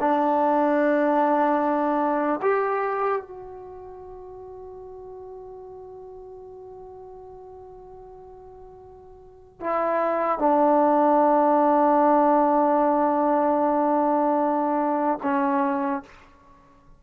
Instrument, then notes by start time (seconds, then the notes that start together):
trombone
0.00 D4
2.42 G4
3.22 F#4
9.60 E4
10.39 D4
15.23 C#4